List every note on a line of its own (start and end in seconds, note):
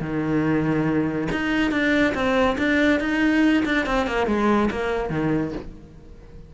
0.00 1.28 D#3
1.31 1.71 D#4
1.71 2.13 D4
2.14 2.56 C4
2.57 3.00 D4
3.00 3.63 D#4
3.65 3.86 D4
3.86 4.06 C4
4.06 4.26 A#3
4.26 4.69 G#3
4.70 5.09 A#3
5.09 5.52 D#3